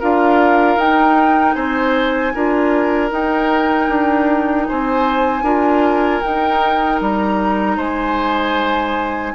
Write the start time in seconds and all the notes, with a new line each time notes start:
0.00 D4 F4 A#4 F5
0.77 D#4 G5
1.54 C4 C5 G#5
2.34 D4 F4 A#4
3.11 D#4 G5
3.89 D4
4.68 C4 C5 G#5
5.42 D4 F4 A#4
6.22 D#4 G5
7.01 G3 A#5
7.77 G#3 C5 G#5